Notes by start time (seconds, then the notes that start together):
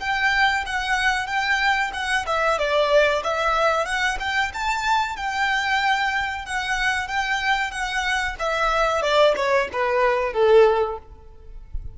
0.00 G5
0.66 F#5
1.27 G5
1.93 F#5
2.26 E5
2.58 D5
3.24 E5
3.85 F#5
4.19 G5
4.54 A5
5.16 G5
6.45 F#5
7.08 G5
7.71 F#5
8.39 E5
9.02 D5
9.36 C#5
9.72 B4
10.33 A4